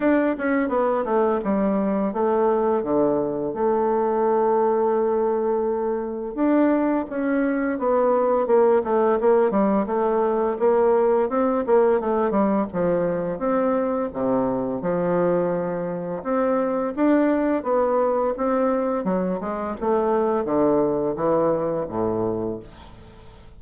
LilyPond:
\new Staff \with { instrumentName = "bassoon" } { \time 4/4 \tempo 4 = 85 d'8 cis'8 b8 a8 g4 a4 | d4 a2.~ | a4 d'4 cis'4 b4 | ais8 a8 ais8 g8 a4 ais4 |
c'8 ais8 a8 g8 f4 c'4 | c4 f2 c'4 | d'4 b4 c'4 fis8 gis8 | a4 d4 e4 a,4 | }